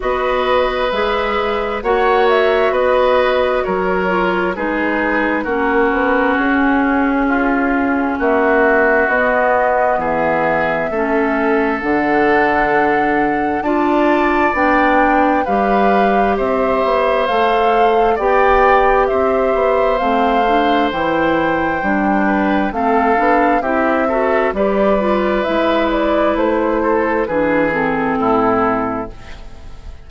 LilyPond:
<<
  \new Staff \with { instrumentName = "flute" } { \time 4/4 \tempo 4 = 66 dis''4 e''4 fis''8 e''8 dis''4 | cis''4 b'4 ais'4 gis'4~ | gis'4 e''4 dis''4 e''4~ | e''4 fis''2 a''4 |
g''4 f''4 e''4 f''4 | g''4 e''4 f''4 g''4~ | g''4 f''4 e''4 d''4 | e''8 d''8 c''4 b'8 a'4. | }
  \new Staff \with { instrumentName = "oboe" } { \time 4/4 b'2 cis''4 b'4 | ais'4 gis'4 fis'2 | f'4 fis'2 gis'4 | a'2. d''4~ |
d''4 b'4 c''2 | d''4 c''2.~ | c''8 b'8 a'4 g'8 a'8 b'4~ | b'4. a'8 gis'4 e'4 | }
  \new Staff \with { instrumentName = "clarinet" } { \time 4/4 fis'4 gis'4 fis'2~ | fis'8 f'8 dis'4 cis'2~ | cis'2 b2 | cis'4 d'2 f'4 |
d'4 g'2 a'4 | g'2 c'8 d'8 e'4 | d'4 c'8 d'8 e'8 fis'8 g'8 f'8 | e'2 d'8 c'4. | }
  \new Staff \with { instrumentName = "bassoon" } { \time 4/4 b4 gis4 ais4 b4 | fis4 gis4 ais8 b8 cis'4~ | cis'4 ais4 b4 e4 | a4 d2 d'4 |
b4 g4 c'8 b8 a4 | b4 c'8 b8 a4 e4 | g4 a8 b8 c'4 g4 | gis4 a4 e4 a,4 | }
>>